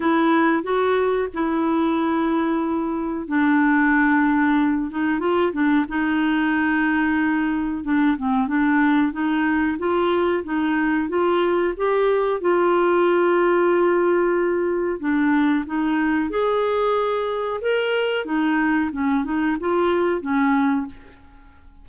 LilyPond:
\new Staff \with { instrumentName = "clarinet" } { \time 4/4 \tempo 4 = 92 e'4 fis'4 e'2~ | e'4 d'2~ d'8 dis'8 | f'8 d'8 dis'2. | d'8 c'8 d'4 dis'4 f'4 |
dis'4 f'4 g'4 f'4~ | f'2. d'4 | dis'4 gis'2 ais'4 | dis'4 cis'8 dis'8 f'4 cis'4 | }